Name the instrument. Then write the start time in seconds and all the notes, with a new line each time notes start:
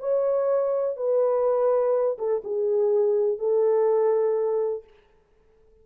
horn
0.00 C#5
0.97 B4
2.18 A4
2.44 G#4
3.39 A4